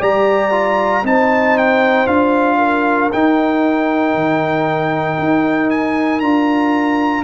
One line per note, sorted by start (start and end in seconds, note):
0.00 1.03 G3
0.00 0.52 G4
0.00 1.03 D5
0.00 1.06 A#5
0.52 1.03 F4
1.03 2.07 C4
1.03 2.08 D#4
1.03 2.58 C5
1.03 1.58 A5
1.58 2.07 G5
2.07 3.11 D4
2.07 3.11 F4
2.07 3.11 F5
2.58 7.24 A#4
3.13 4.15 D#4
3.13 6.23 D#4
3.13 5.71 G5
4.15 5.19 D#3
5.19 6.21 D#4
5.71 6.20 G#5
6.20 7.25 D4
6.20 7.25 F4
6.20 7.24 A#5